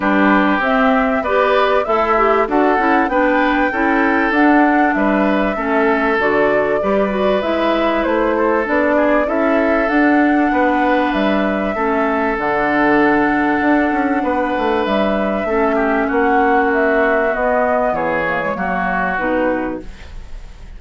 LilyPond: <<
  \new Staff \with { instrumentName = "flute" } { \time 4/4 \tempo 4 = 97 b'4 e''4 d''4 e''4 | fis''4 g''2 fis''4 | e''2 d''2 | e''4 c''4 d''4 e''4 |
fis''2 e''2 | fis''1 | e''2 fis''4 e''4 | dis''4 cis''2 b'4 | }
  \new Staff \with { instrumentName = "oboe" } { \time 4/4 g'2 b'4 e'4 | a'4 b'4 a'2 | b'4 a'2 b'4~ | b'4. a'4 gis'8 a'4~ |
a'4 b'2 a'4~ | a'2. b'4~ | b'4 a'8 g'8 fis'2~ | fis'4 gis'4 fis'2 | }
  \new Staff \with { instrumentName = "clarinet" } { \time 4/4 d'4 c'4 g'4 a'8 g'8 | fis'8 e'8 d'4 e'4 d'4~ | d'4 cis'4 fis'4 g'8 fis'8 | e'2 d'4 e'4 |
d'2. cis'4 | d'1~ | d'4 cis'2. | b4. ais16 gis16 ais4 dis'4 | }
  \new Staff \with { instrumentName = "bassoon" } { \time 4/4 g4 c'4 b4 a4 | d'8 cis'8 b4 cis'4 d'4 | g4 a4 d4 g4 | gis4 a4 b4 cis'4 |
d'4 b4 g4 a4 | d2 d'8 cis'8 b8 a8 | g4 a4 ais2 | b4 e4 fis4 b,4 | }
>>